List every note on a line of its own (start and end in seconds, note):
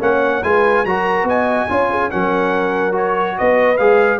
0.00 0.42 A#3
0.00 0.42 C#4
0.00 0.45 C#5
0.00 0.43 F#5
0.43 0.85 G#3
0.43 0.86 F4
0.43 0.87 B4
0.43 0.85 G#5
0.85 1.24 F#3
0.85 1.69 F#4
0.85 1.28 A#4
0.85 1.27 A#5
1.24 1.65 B3
1.24 1.70 D#5
1.24 2.10 G#5
1.69 2.12 C#4
1.69 2.11 F4
1.69 1.90 C#5
1.90 2.11 G#4
2.10 3.39 F#3
2.10 2.92 C#4
2.10 3.37 A#4
2.10 2.94 F#5
2.92 3.76 F#4
2.92 3.38 C#5
3.38 3.79 B3
3.38 4.20 B4
3.38 3.77 D#5
3.77 4.20 G#3
3.77 4.20 G#4
3.77 4.19 F5